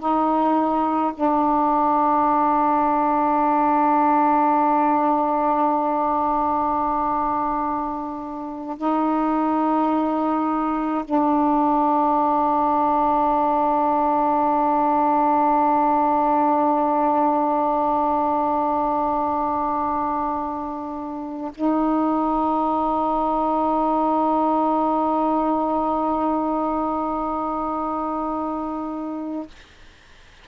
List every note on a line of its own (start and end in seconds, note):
0.00 1.13 D#4
1.15 8.78 D4
8.78 11.05 D#4
11.05 21.52 D4
21.56 29.48 D#4